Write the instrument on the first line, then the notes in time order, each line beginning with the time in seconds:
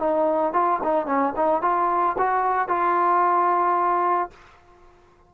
trombone
0.00 D#4
0.53 F4
0.84 D#4
1.07 C#4
1.37 D#4
1.62 F4
2.19 F#4
2.69 F4